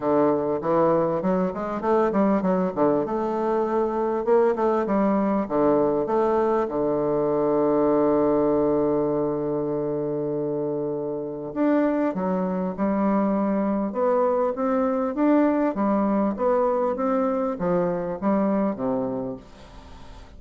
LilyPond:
\new Staff \with { instrumentName = "bassoon" } { \time 4/4 \tempo 4 = 99 d4 e4 fis8 gis8 a8 g8 | fis8 d8 a2 ais8 a8 | g4 d4 a4 d4~ | d1~ |
d2. d'4 | fis4 g2 b4 | c'4 d'4 g4 b4 | c'4 f4 g4 c4 | }